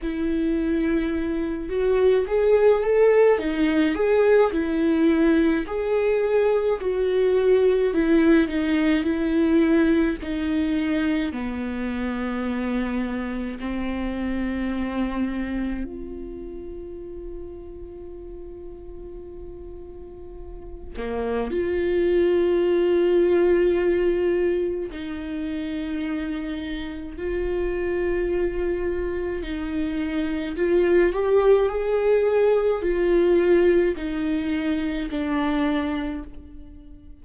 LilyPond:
\new Staff \with { instrumentName = "viola" } { \time 4/4 \tempo 4 = 53 e'4. fis'8 gis'8 a'8 dis'8 gis'8 | e'4 gis'4 fis'4 e'8 dis'8 | e'4 dis'4 b2 | c'2 f'2~ |
f'2~ f'8 ais8 f'4~ | f'2 dis'2 | f'2 dis'4 f'8 g'8 | gis'4 f'4 dis'4 d'4 | }